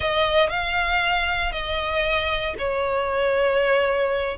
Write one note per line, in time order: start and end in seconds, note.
0.00 0.49 D#5
0.49 1.52 F5
1.52 2.54 D#5
2.58 4.37 C#5